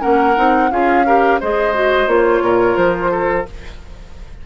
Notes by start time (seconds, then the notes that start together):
0.00 A#3 C#4 A#4 F#5
0.36 C4 D#4
0.71 C#4 F4 G#4 F5
1.06 G4 A#4
1.40 G#3 G#4 C5 D#5
1.74 F#4
2.07 A#3 F4 C#5
2.42 A#2 A#4
2.77 F3 C5
3.11 A4